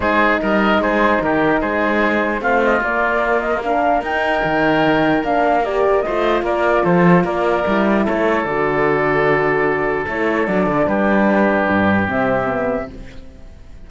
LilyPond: <<
  \new Staff \with { instrumentName = "flute" } { \time 4/4 \tempo 4 = 149 c''4 dis''4 c''4 ais'4 | c''2 f''8 dis''8 d''4~ | d''8 dis''8 f''4 g''2~ | g''4 f''4 d''4 dis''4 |
d''4 c''4 d''2 | cis''4 d''2.~ | d''4 cis''4 d''4 b'4~ | b'2 e''2 | }
  \new Staff \with { instrumentName = "oboe" } { \time 4/4 gis'4 ais'4 gis'4 g'4 | gis'2 f'2~ | f'4 ais'2.~ | ais'2. c''4 |
ais'4 a'4 ais'2 | a'1~ | a'2. g'4~ | g'1 | }
  \new Staff \with { instrumentName = "horn" } { \time 4/4 dis'1~ | dis'2 c'4 ais4~ | ais4 d'4 dis'2~ | dis'4 d'4 g'4 f'4~ |
f'2. e'4~ | e'4 fis'2.~ | fis'4 e'4 d'2~ | d'2 c'4 b4 | }
  \new Staff \with { instrumentName = "cello" } { \time 4/4 gis4 g4 gis4 dis4 | gis2 a4 ais4~ | ais2 dis'4 dis4~ | dis4 ais2 a4 |
ais4 f4 ais4 g4 | a4 d2.~ | d4 a4 fis8 d8 g4~ | g4 g,4 c2 | }
>>